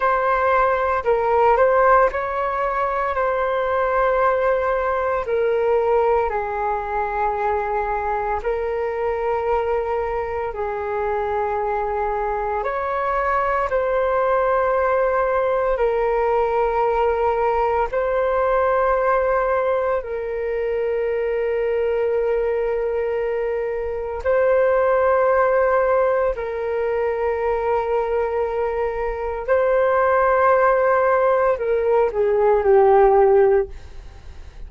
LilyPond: \new Staff \with { instrumentName = "flute" } { \time 4/4 \tempo 4 = 57 c''4 ais'8 c''8 cis''4 c''4~ | c''4 ais'4 gis'2 | ais'2 gis'2 | cis''4 c''2 ais'4~ |
ais'4 c''2 ais'4~ | ais'2. c''4~ | c''4 ais'2. | c''2 ais'8 gis'8 g'4 | }